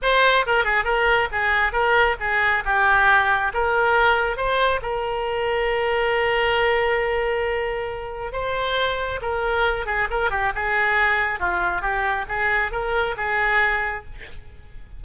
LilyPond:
\new Staff \with { instrumentName = "oboe" } { \time 4/4 \tempo 4 = 137 c''4 ais'8 gis'8 ais'4 gis'4 | ais'4 gis'4 g'2 | ais'2 c''4 ais'4~ | ais'1~ |
ais'2. c''4~ | c''4 ais'4. gis'8 ais'8 g'8 | gis'2 f'4 g'4 | gis'4 ais'4 gis'2 | }